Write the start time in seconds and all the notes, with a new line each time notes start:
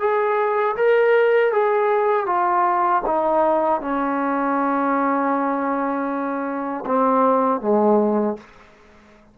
0.00 G#4
0.77 A#4
1.53 G#4
2.26 F4
3.07 D#4
3.81 C#4
6.86 C4
7.62 G#3